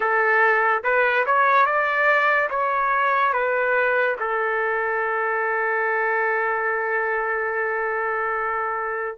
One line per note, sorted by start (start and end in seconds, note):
0.00 0.83 A4
0.83 1.25 B4
1.25 1.66 C#5
1.66 2.49 D5
2.50 3.33 C#5
3.33 4.16 B4
4.19 9.18 A4